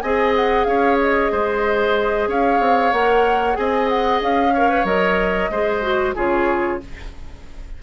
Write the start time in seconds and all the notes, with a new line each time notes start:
0.00 C4 G#4 D#5 G#5
0.36 F#5
0.64 C#4 C#5 F5
1.00 D#5
1.32 G#3 C5
2.27 C#4 C#5 F5
2.59 C4
2.92 A#3 A#4 F#5
3.53 C4 G#4 D#5 G#5
3.88 F#5
4.21 C#4 F5
4.53 A#4 C#5
4.69 B4
4.84 F#3 A#4 D#5
5.49 G#3 G#4 C5
5.81 F#4
6.15 C#3 F4 G#4 C#5